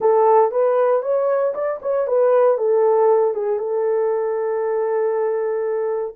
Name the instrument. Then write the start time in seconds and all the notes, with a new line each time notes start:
horn
0.00 A4
0.51 B4
1.02 C#5
1.54 D5
1.81 C#5
2.07 B4
2.57 A4
3.34 G#4
3.58 A4